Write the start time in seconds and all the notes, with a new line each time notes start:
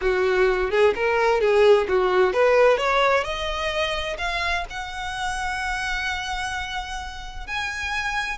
0.01 F#4
0.70 G#4
0.95 A#4
1.40 G#4
1.88 F#4
2.33 B4
2.77 C#5
3.23 D#5
4.18 F5
4.70 F#5
7.47 G#5